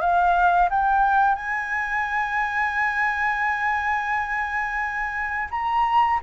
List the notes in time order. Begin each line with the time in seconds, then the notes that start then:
0.00 F5
0.70 G5
1.34 G#5
5.50 A#5